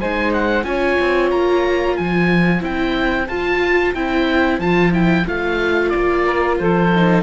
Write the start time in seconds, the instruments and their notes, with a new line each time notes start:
0.00 cello G#3, viola D#4, saxophone C5, oboe G#5
0.34 oboe F#5
0.64 cello C#4, viola F4, saxophone C#5, oboe G#5
1.01 cello C4
1.31 cello A#3, oboe A#5
1.96 cello F3, saxophone C5, oboe G#5
2.60 cello C4, viola E4, oboe G5
3.28 cello F4, viola F4, oboe A5
3.95 cello C4, viola E4, oboe G5
4.59 cello F3, viola F4, oboe A5
4.92 viola E4, oboe G5
5.27 cello A3, viola F4, oboe F5
5.90 cello A#3, oboe D5
6.25 saxophone A#4
6.59 cello F3, saxophone A4, oboe C5
6.95 viola D#4